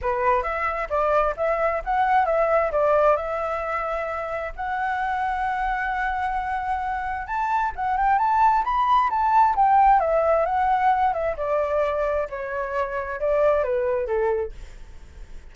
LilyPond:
\new Staff \with { instrumentName = "flute" } { \time 4/4 \tempo 4 = 132 b'4 e''4 d''4 e''4 | fis''4 e''4 d''4 e''4~ | e''2 fis''2~ | fis''1 |
a''4 fis''8 g''8 a''4 b''4 | a''4 g''4 e''4 fis''4~ | fis''8 e''8 d''2 cis''4~ | cis''4 d''4 b'4 a'4 | }